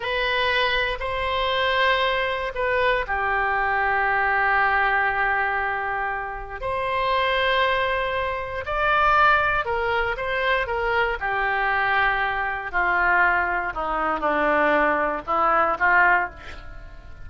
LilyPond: \new Staff \with { instrumentName = "oboe" } { \time 4/4 \tempo 4 = 118 b'2 c''2~ | c''4 b'4 g'2~ | g'1~ | g'4 c''2.~ |
c''4 d''2 ais'4 | c''4 ais'4 g'2~ | g'4 f'2 dis'4 | d'2 e'4 f'4 | }